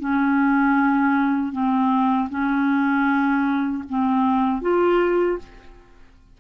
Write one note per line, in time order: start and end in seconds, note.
0.00 1.52 C#4
1.52 2.29 C4
2.29 3.83 C#4
3.89 4.61 C4
4.61 5.38 F4